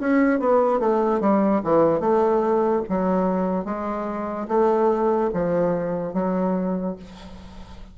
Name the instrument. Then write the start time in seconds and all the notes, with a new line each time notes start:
bassoon
0.00 C#4
0.40 B3
0.79 A3
1.20 G3
1.63 E3
2.00 A3
2.89 F#3
3.65 G#3
4.48 A3
5.33 F3
6.13 F#3